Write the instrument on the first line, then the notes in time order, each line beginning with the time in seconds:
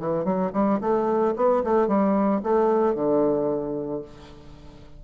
bassoon
0.00 E3
0.25 F#3
0.53 G3
0.81 A3
1.36 B3
1.64 A3
1.88 G3
2.44 A3
2.95 D3